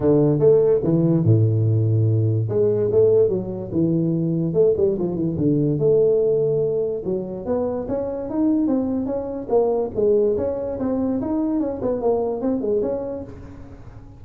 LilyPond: \new Staff \with { instrumentName = "tuba" } { \time 4/4 \tempo 4 = 145 d4 a4 e4 a,4~ | a,2 gis4 a4 | fis4 e2 a8 g8 | f8 e8 d4 a2~ |
a4 fis4 b4 cis'4 | dis'4 c'4 cis'4 ais4 | gis4 cis'4 c'4 dis'4 | cis'8 b8 ais4 c'8 gis8 cis'4 | }